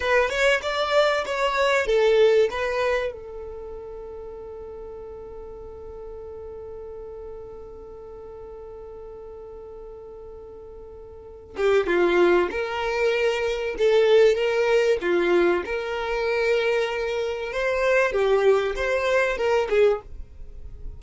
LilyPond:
\new Staff \with { instrumentName = "violin" } { \time 4/4 \tempo 4 = 96 b'8 cis''8 d''4 cis''4 a'4 | b'4 a'2.~ | a'1~ | a'1~ |
a'2~ a'8 g'8 f'4 | ais'2 a'4 ais'4 | f'4 ais'2. | c''4 g'4 c''4 ais'8 gis'8 | }